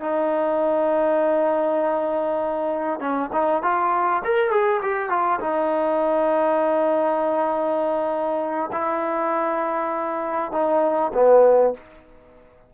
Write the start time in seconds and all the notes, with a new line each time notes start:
0.00 D#4
2.99 C#4
3.32 D#4
3.62 F4
4.24 A#4
4.51 G#4
4.82 G4
5.09 F4
5.40 D#4
8.72 E4
10.51 D#4
11.14 B3